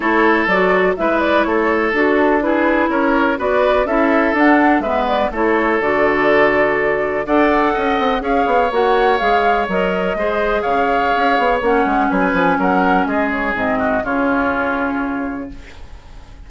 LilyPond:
<<
  \new Staff \with { instrumentName = "flute" } { \time 4/4 \tempo 4 = 124 cis''4 d''4 e''8 d''8 cis''4 | a'4 b'4 cis''4 d''4 | e''4 fis''4 e''8 d''8 cis''4 | d''2. fis''4~ |
fis''4 f''4 fis''4 f''4 | dis''2 f''2 | fis''4 gis''4 fis''4 dis''8 cis''8 | dis''4 cis''2. | }
  \new Staff \with { instrumentName = "oboe" } { \time 4/4 a'2 b'4 a'4~ | a'4 gis'4 ais'4 b'4 | a'2 b'4 a'4~ | a'2. d''4 |
dis''4 cis''2.~ | cis''4 c''4 cis''2~ | cis''4 b'4 ais'4 gis'4~ | gis'8 fis'8 f'2. | }
  \new Staff \with { instrumentName = "clarinet" } { \time 4/4 e'4 fis'4 e'2 | fis'4 e'2 fis'4 | e'4 d'4 b4 e'4 | fis'2. a'4~ |
a'4 gis'4 fis'4 gis'4 | ais'4 gis'2. | cis'1 | c'4 cis'2. | }
  \new Staff \with { instrumentName = "bassoon" } { \time 4/4 a4 fis4 gis4 a4 | d'2 cis'4 b4 | cis'4 d'4 gis4 a4 | d2. d'4 |
cis'8 c'8 cis'8 b8 ais4 gis4 | fis4 gis4 cis4 cis'8 b8 | ais8 gis8 fis8 f8 fis4 gis4 | gis,4 cis2. | }
>>